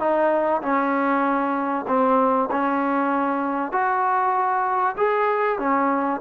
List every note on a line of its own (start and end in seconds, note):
0.00 0.62 D#4
0.62 1.86 C#4
1.88 2.50 C4
2.52 3.72 C#4
3.72 4.96 F#4
4.98 5.60 G#4
5.60 6.21 C#4